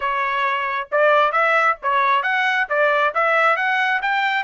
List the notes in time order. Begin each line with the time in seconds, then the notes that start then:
0.00 C#5
0.91 D5
1.32 E5
1.82 C#5
2.22 F#5
2.69 D5
3.14 E5
3.56 F#5
4.02 G5